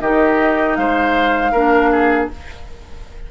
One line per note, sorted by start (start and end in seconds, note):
0.00 0.76 D#3
0.00 1.55 D#4
0.00 0.77 G4
0.00 0.75 D#5
0.75 1.52 G#3
0.75 1.51 C5
0.75 2.27 F5
1.51 2.28 A#3
1.51 2.31 D4
1.51 1.89 A#4
1.91 2.29 G#4